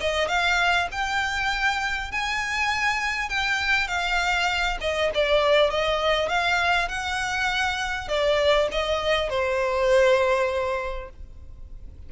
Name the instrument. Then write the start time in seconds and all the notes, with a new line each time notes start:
violin
0.00 D#5
0.28 F5
0.91 G5
2.11 G#5
3.29 G5
3.87 F5
4.80 D#5
5.14 D5
5.70 D#5
6.28 F5
6.88 F#5
8.08 D5
8.71 D#5
9.29 C5